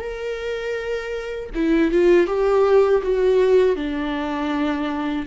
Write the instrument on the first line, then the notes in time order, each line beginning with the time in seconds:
viola
0.00 A#4
1.55 E4
1.92 F4
2.27 G4
3.03 F#4
3.76 D4